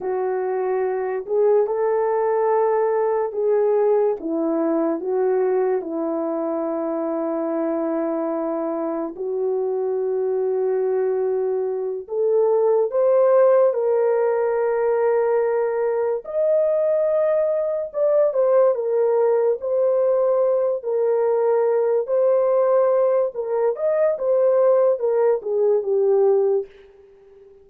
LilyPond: \new Staff \with { instrumentName = "horn" } { \time 4/4 \tempo 4 = 72 fis'4. gis'8 a'2 | gis'4 e'4 fis'4 e'4~ | e'2. fis'4~ | fis'2~ fis'8 a'4 c''8~ |
c''8 ais'2. dis''8~ | dis''4. d''8 c''8 ais'4 c''8~ | c''4 ais'4. c''4. | ais'8 dis''8 c''4 ais'8 gis'8 g'4 | }